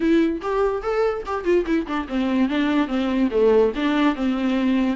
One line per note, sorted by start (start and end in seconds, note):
0.00 0.40 E4
0.41 0.82 G4
0.82 1.23 A4
1.25 1.44 G4
1.44 1.65 F4
1.66 1.86 E4
1.86 2.07 D4
2.08 2.48 C4
2.48 2.87 D4
2.87 3.29 C4
3.30 3.72 A3
3.75 4.15 D4
4.15 4.96 C4